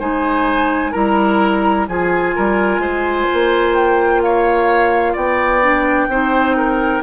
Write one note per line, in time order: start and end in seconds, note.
0.00 0.94 G#3
0.00 0.93 D#4
0.00 0.92 C5
0.00 0.93 G#5
0.92 1.88 G3
0.92 1.87 E4
0.92 1.86 A#4
0.92 1.87 A#5
1.88 2.35 F3
1.88 5.63 F4
1.88 2.36 G#4
1.88 3.75 G#5
2.36 2.79 G3
2.36 2.81 A#4
2.79 3.26 G#3
2.79 4.22 C5
3.33 5.16 A#3
3.75 4.22 G5
4.22 5.13 C#5
4.22 5.16 F5
5.13 6.08 B3
5.13 6.07 D5
5.13 7.04 G5
5.63 6.10 D4
6.08 7.01 C4
6.08 7.04 D#4
6.08 6.56 C5
6.56 7.03 A#4